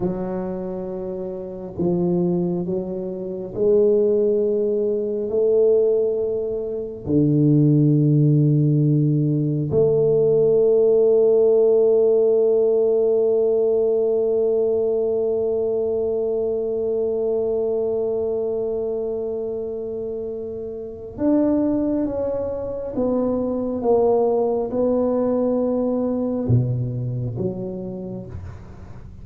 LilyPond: \new Staff \with { instrumentName = "tuba" } { \time 4/4 \tempo 4 = 68 fis2 f4 fis4 | gis2 a2 | d2. a4~ | a1~ |
a1~ | a1 | d'4 cis'4 b4 ais4 | b2 b,4 fis4 | }